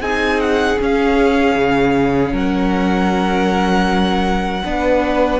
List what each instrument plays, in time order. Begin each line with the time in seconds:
0.00 cello C4, viola D#4, violin G#4 G#5
0.40 violin F#5
0.78 viola C#4, cello C#4, violin F5
1.55 cello C#3
2.32 cello F#3, violin A#4 F#5
4.64 cello B3, viola D4, violin B4